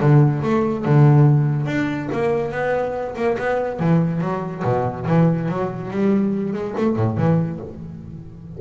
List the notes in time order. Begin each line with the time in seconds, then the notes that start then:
0.00 D3
0.42 A3
0.85 D3
1.66 D4
2.12 A#3
2.52 B3
3.16 A#3
3.38 B3
3.79 E3
4.21 F#3
4.64 B2
5.06 E3
5.48 F#3
5.90 G3
6.53 G#3
6.77 A3
6.96 A2
7.17 E3